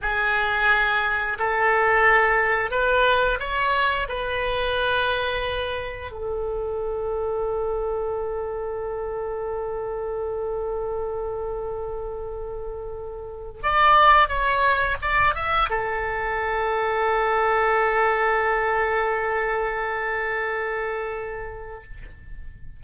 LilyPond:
\new Staff \with { instrumentName = "oboe" } { \time 4/4 \tempo 4 = 88 gis'2 a'2 | b'4 cis''4 b'2~ | b'4 a'2.~ | a'1~ |
a'1 | d''4 cis''4 d''8 e''8 a'4~ | a'1~ | a'1 | }